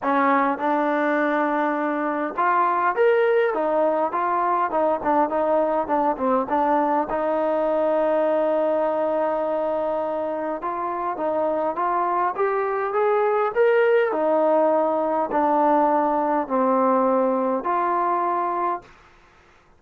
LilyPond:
\new Staff \with { instrumentName = "trombone" } { \time 4/4 \tempo 4 = 102 cis'4 d'2. | f'4 ais'4 dis'4 f'4 | dis'8 d'8 dis'4 d'8 c'8 d'4 | dis'1~ |
dis'2 f'4 dis'4 | f'4 g'4 gis'4 ais'4 | dis'2 d'2 | c'2 f'2 | }